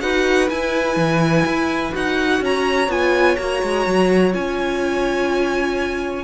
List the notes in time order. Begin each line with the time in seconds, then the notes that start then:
0.00 D#4 F#4 B4 F#5
0.49 E4 G#5
0.96 E3
1.45 E4
1.92 D#4 F#4 F#5
2.40 C#4 C#5 A#5
2.88 B3 F4 G#5
3.36 A#3 F#4 A#5
3.62 G#3
3.86 F#3
4.32 C#4 F4 G#5